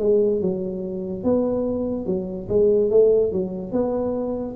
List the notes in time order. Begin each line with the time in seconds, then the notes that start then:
0.00 G#3
0.42 F#3
1.24 B3
2.06 F#3
2.49 G#3
2.91 A3
3.33 F#3
3.73 B3